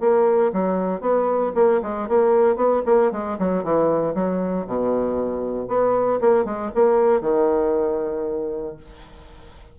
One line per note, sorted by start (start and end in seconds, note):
0.00 0.52 A#3
0.53 1.01 F#3
1.01 1.52 B3
1.55 1.81 A#3
1.82 2.08 G#3
2.09 2.56 A#3
2.56 2.82 B3
2.86 3.12 A#3
3.12 3.38 G#3
3.39 3.63 F#3
3.63 4.14 E3
4.14 4.66 F#3
4.67 5.68 B2
5.68 6.20 B3
6.21 6.45 A#3
6.45 6.71 G#3
6.75 7.21 A#3
7.21 8.76 D#3